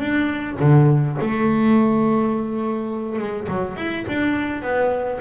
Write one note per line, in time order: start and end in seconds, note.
0.00 0.58 D4
0.60 1.17 D3
1.21 3.19 A3
3.19 3.48 G#3
3.49 3.77 F#3
3.77 4.06 E4
4.08 4.63 D4
4.63 5.20 B3